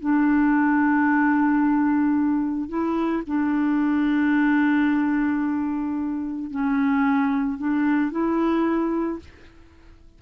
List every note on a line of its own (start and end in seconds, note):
0.00 2.69 D4
2.69 3.23 E4
3.27 6.51 D4
6.51 7.58 C#4
7.58 8.11 D4
8.11 9.19 E4